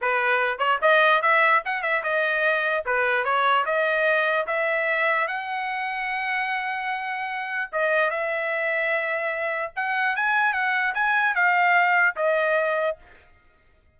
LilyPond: \new Staff \with { instrumentName = "trumpet" } { \time 4/4 \tempo 4 = 148 b'4. cis''8 dis''4 e''4 | fis''8 e''8 dis''2 b'4 | cis''4 dis''2 e''4~ | e''4 fis''2.~ |
fis''2. dis''4 | e''1 | fis''4 gis''4 fis''4 gis''4 | f''2 dis''2 | }